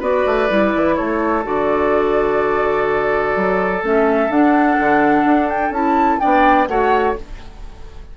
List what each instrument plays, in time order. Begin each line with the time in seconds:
0.00 bassoon B3, clarinet F#4, oboe B4, flute D5
0.26 bassoon A3
0.49 bassoon G3, clarinet E4
0.76 bassoon E3
0.96 bassoon A3, oboe A4, flute C#5
1.44 bassoon D3, clarinet F#4, flute D5
3.36 bassoon F#3
3.83 bassoon A3, clarinet C#4, flute E5
4.29 bassoon D4, clarinet D4, flute F#5
4.80 bassoon D3
5.25 bassoon D4
5.49 flute G5
5.71 bassoon C#4, clarinet E4, flute A5
6.20 bassoon B3, clarinet D4, oboe D5, flute G5
6.68 bassoon A3, clarinet F#4, oboe C#5, flute F#5